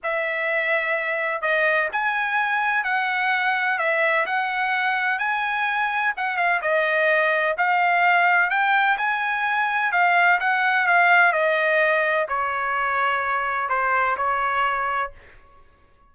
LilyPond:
\new Staff \with { instrumentName = "trumpet" } { \time 4/4 \tempo 4 = 127 e''2. dis''4 | gis''2 fis''2 | e''4 fis''2 gis''4~ | gis''4 fis''8 f''8 dis''2 |
f''2 g''4 gis''4~ | gis''4 f''4 fis''4 f''4 | dis''2 cis''2~ | cis''4 c''4 cis''2 | }